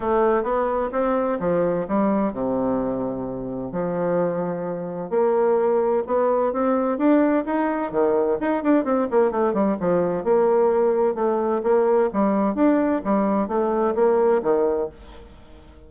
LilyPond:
\new Staff \with { instrumentName = "bassoon" } { \time 4/4 \tempo 4 = 129 a4 b4 c'4 f4 | g4 c2. | f2. ais4~ | ais4 b4 c'4 d'4 |
dis'4 dis4 dis'8 d'8 c'8 ais8 | a8 g8 f4 ais2 | a4 ais4 g4 d'4 | g4 a4 ais4 dis4 | }